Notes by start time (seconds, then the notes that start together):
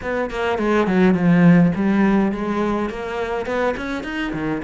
0.02 B3
0.30 A#3
0.58 G#3
0.87 F#3
1.14 F3
1.75 G3
2.32 G#3
2.89 A#3
3.45 B3
3.77 C#4
4.03 D#4
4.33 D#3